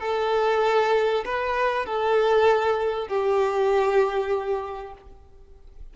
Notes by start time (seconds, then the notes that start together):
0.00 A4
1.25 B4
1.86 A4
3.08 G4